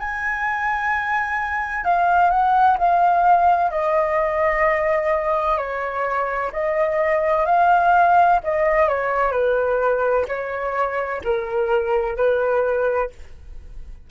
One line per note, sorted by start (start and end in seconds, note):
0.00 1.85 G#5
1.85 2.31 F5
2.31 2.78 F#5
2.78 3.71 F5
3.71 5.58 D#5
5.58 6.52 C#5
6.53 7.46 D#5
7.46 8.40 F5
8.44 8.89 D#5
8.89 9.32 C#5
9.32 10.26 B4
10.28 11.22 C#5
11.24 12.17 A#4
12.17 13.10 B4